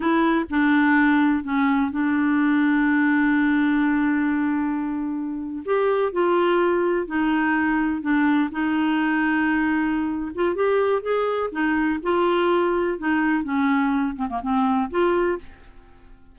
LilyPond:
\new Staff \with { instrumentName = "clarinet" } { \time 4/4 \tempo 4 = 125 e'4 d'2 cis'4 | d'1~ | d'2.~ d'8. g'16~ | g'8. f'2 dis'4~ dis'16~ |
dis'8. d'4 dis'2~ dis'16~ | dis'4. f'8 g'4 gis'4 | dis'4 f'2 dis'4 | cis'4. c'16 ais16 c'4 f'4 | }